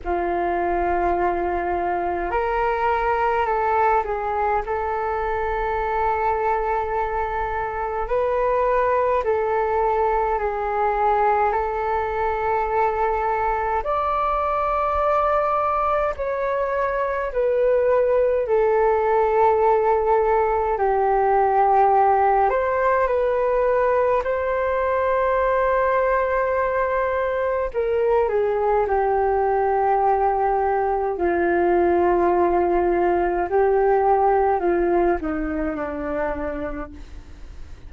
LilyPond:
\new Staff \with { instrumentName = "flute" } { \time 4/4 \tempo 4 = 52 f'2 ais'4 a'8 gis'8 | a'2. b'4 | a'4 gis'4 a'2 | d''2 cis''4 b'4 |
a'2 g'4. c''8 | b'4 c''2. | ais'8 gis'8 g'2 f'4~ | f'4 g'4 f'8 dis'8 d'4 | }